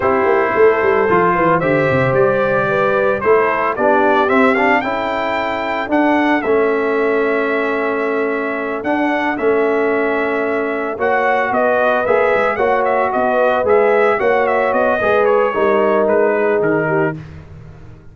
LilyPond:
<<
  \new Staff \with { instrumentName = "trumpet" } { \time 4/4 \tempo 4 = 112 c''2. e''4 | d''2 c''4 d''4 | e''8 f''8 g''2 fis''4 | e''1~ |
e''8 fis''4 e''2~ e''8~ | e''8 fis''4 dis''4 e''4 fis''8 | e''8 dis''4 e''4 fis''8 e''8 dis''8~ | dis''8 cis''4. b'4 ais'4 | }
  \new Staff \with { instrumentName = "horn" } { \time 4/4 g'4 a'4. b'8 c''4~ | c''4 b'4 a'4 g'4~ | g'4 a'2.~ | a'1~ |
a'1~ | a'8 cis''4 b'2 cis''8~ | cis''8 b'2 cis''4. | b'4 ais'4. gis'4 g'8 | }
  \new Staff \with { instrumentName = "trombone" } { \time 4/4 e'2 f'4 g'4~ | g'2 e'4 d'4 | c'8 d'8 e'2 d'4 | cis'1~ |
cis'8 d'4 cis'2~ cis'8~ | cis'8 fis'2 gis'4 fis'8~ | fis'4. gis'4 fis'4. | gis'4 dis'2. | }
  \new Staff \with { instrumentName = "tuba" } { \time 4/4 c'8 ais8 a8 g8 f8 e8 d8 c8 | g2 a4 b4 | c'4 cis'2 d'4 | a1~ |
a8 d'4 a2~ a8~ | a8 ais4 b4 ais8 gis8 ais8~ | ais8 b4 gis4 ais4 b8 | gis4 g4 gis4 dis4 | }
>>